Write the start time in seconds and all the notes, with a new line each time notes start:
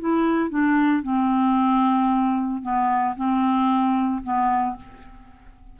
0.00 E4
0.50 D4
1.03 C4
2.63 B3
3.16 C4
4.24 B3